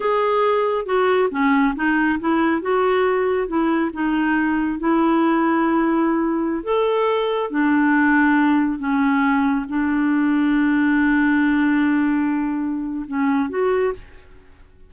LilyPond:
\new Staff \with { instrumentName = "clarinet" } { \time 4/4 \tempo 4 = 138 gis'2 fis'4 cis'4 | dis'4 e'4 fis'2 | e'4 dis'2 e'4~ | e'2.~ e'16 a'8.~ |
a'4~ a'16 d'2~ d'8.~ | d'16 cis'2 d'4.~ d'16~ | d'1~ | d'2 cis'4 fis'4 | }